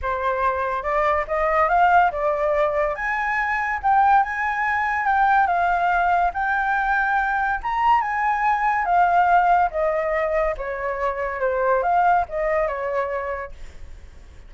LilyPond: \new Staff \with { instrumentName = "flute" } { \time 4/4 \tempo 4 = 142 c''2 d''4 dis''4 | f''4 d''2 gis''4~ | gis''4 g''4 gis''2 | g''4 f''2 g''4~ |
g''2 ais''4 gis''4~ | gis''4 f''2 dis''4~ | dis''4 cis''2 c''4 | f''4 dis''4 cis''2 | }